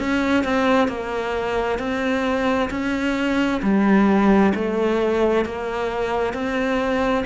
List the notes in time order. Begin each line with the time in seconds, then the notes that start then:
0.00 C#4
0.44 C4
0.88 A#3
1.79 C4
2.71 C#4
3.63 G3
4.55 A3
5.46 A#3
6.34 C4